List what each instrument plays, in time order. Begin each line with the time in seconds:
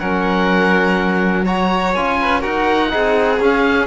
0.00 cello F#3, trombone C#4, violin A#4, oboe F#5
1.45 trombone F#4, violin C#5, oboe A#5
1.95 cello C#4, trombone F4, oboe G#5
2.21 violin B4
2.41 cello D#4, trombone F#4, violin A#4, oboe F#5
2.90 cello C4, trombone D#4, violin G#4
3.40 cello C#4, trombone C#4, oboe F5